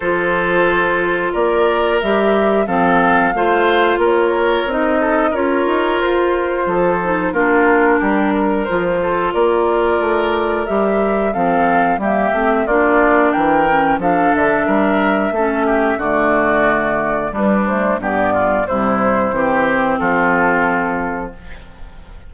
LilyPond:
<<
  \new Staff \with { instrumentName = "flute" } { \time 4/4 \tempo 4 = 90 c''2 d''4 e''4 | f''2 cis''4 dis''4 | cis''4 c''2 ais'4~ | ais'4 c''4 d''2 |
e''4 f''4 e''4 d''4 | g''4 f''8 e''2~ e''8 | d''2 b'8 c''8 d''4 | c''2 a'2 | }
  \new Staff \with { instrumentName = "oboe" } { \time 4/4 a'2 ais'2 | a'4 c''4 ais'4. a'8 | ais'2 a'4 f'4 | g'8 ais'4 a'8 ais'2~ |
ais'4 a'4 g'4 f'4 | ais'4 a'4 ais'4 a'8 g'8 | fis'2 d'4 g'8 f'8 | e'4 g'4 f'2 | }
  \new Staff \with { instrumentName = "clarinet" } { \time 4/4 f'2. g'4 | c'4 f'2 dis'4 | f'2~ f'8 dis'8 d'4~ | d'4 f'2. |
g'4 c'4 ais8 c'8 d'4~ | d'8 cis'8 d'2 cis'4 | a2 g8 a8 b4 | g4 c'2. | }
  \new Staff \with { instrumentName = "bassoon" } { \time 4/4 f2 ais4 g4 | f4 a4 ais4 c'4 | cis'8 dis'8 f'4 f4 ais4 | g4 f4 ais4 a4 |
g4 f4 g8 a8 ais4 | e4 f8 d8 g4 a4 | d2 g4 g,4 | c4 e4 f2 | }
>>